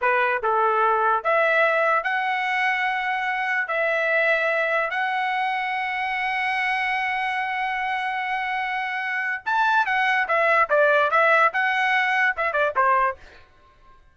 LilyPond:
\new Staff \with { instrumentName = "trumpet" } { \time 4/4 \tempo 4 = 146 b'4 a'2 e''4~ | e''4 fis''2.~ | fis''4 e''2. | fis''1~ |
fis''1~ | fis''2. a''4 | fis''4 e''4 d''4 e''4 | fis''2 e''8 d''8 c''4 | }